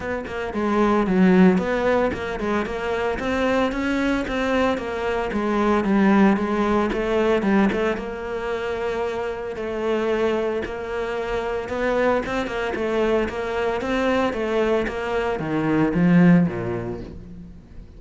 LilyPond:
\new Staff \with { instrumentName = "cello" } { \time 4/4 \tempo 4 = 113 b8 ais8 gis4 fis4 b4 | ais8 gis8 ais4 c'4 cis'4 | c'4 ais4 gis4 g4 | gis4 a4 g8 a8 ais4~ |
ais2 a2 | ais2 b4 c'8 ais8 | a4 ais4 c'4 a4 | ais4 dis4 f4 ais,4 | }